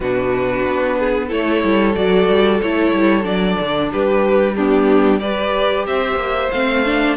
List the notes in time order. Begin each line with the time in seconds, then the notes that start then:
0.00 B2 D4 F#4 B4
0.67 B3
0.98 G#4
1.27 A3 E4 A4 C#5
1.63 G3
1.95 F#3 F#4 D5
2.29 G3
2.61 A3 E4 C#5
2.92 G3
3.22 F#3 D4 D5
3.60 D3
3.92 G3 G4 B4
4.55 B3 D4 G4
5.19 G4 B4 D5
5.87 C4 C5 E5
6.15 A#3
6.51 A3 C4 F5
6.85 D4